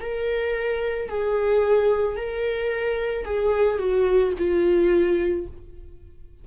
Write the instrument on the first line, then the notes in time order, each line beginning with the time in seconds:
viola
0.00 A#4
1.09 G#4
2.16 A#4
3.24 G#4
3.78 F#4
4.37 F4